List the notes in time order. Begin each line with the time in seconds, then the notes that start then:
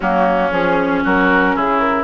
0.00 F#3 A#3 C#4 F#4
0.51 F3 C#4 G#4
1.03 F#3 F#4 A#4
1.55 C#3 E4 G#4
1.79 A#4